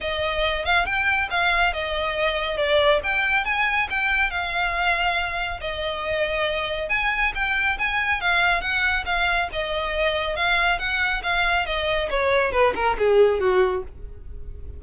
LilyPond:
\new Staff \with { instrumentName = "violin" } { \time 4/4 \tempo 4 = 139 dis''4. f''8 g''4 f''4 | dis''2 d''4 g''4 | gis''4 g''4 f''2~ | f''4 dis''2. |
gis''4 g''4 gis''4 f''4 | fis''4 f''4 dis''2 | f''4 fis''4 f''4 dis''4 | cis''4 b'8 ais'8 gis'4 fis'4 | }